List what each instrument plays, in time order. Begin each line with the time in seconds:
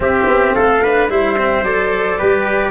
0.00 tuba C4, cello C4, trumpet G4, flute E5
0.26 tuba B3
0.53 tuba A3, trumpet A4, flute F5
0.82 cello D4, trumpet B4
1.09 tuba G3, cello E4, trumpet C5, flute E5
1.38 cello C4
1.62 tuba F#3, cello A4, flute D5
2.18 tuba G3, cello G4, trumpet B4